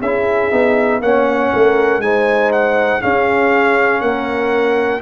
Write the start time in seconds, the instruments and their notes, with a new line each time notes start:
0.00 tuba C#4, trombone E4, horn G#4, trumpet E5
0.51 tuba B3, trombone D#4
1.01 tuba A#3, trombone C#4, horn C#5, trumpet F#5
1.53 tuba A3, horn A#4
1.99 tuba G#3, trombone D#4, horn C5, trumpet G#5
2.52 trumpet F#5
3.01 trombone C#4, tuba C#4, horn G#4, trumpet F5
4.01 tuba A#3, horn A#4, trumpet F#5